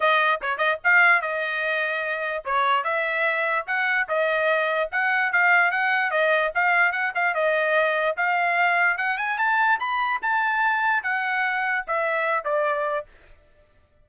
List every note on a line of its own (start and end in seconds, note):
0.00 0.40 D#5
0.41 0.57 C#5
0.57 0.78 D#5
0.83 1.21 F5
1.21 2.43 D#5
2.44 2.84 C#5
2.84 3.65 E5
3.66 4.07 F#5
4.08 4.90 D#5
4.91 5.32 F#5
5.32 5.71 F5
5.71 6.10 F#5
6.10 6.51 D#5
6.54 6.92 F5
6.92 7.12 F#5
7.14 7.34 F5
7.34 8.16 D#5
8.16 8.97 F5
8.97 9.17 F#5
9.17 9.38 G#5
9.38 9.78 A5
9.79 10.20 B5
10.22 11.03 A5
11.03 11.85 F#5
11.87 12.44 E5
12.44 13.05 D5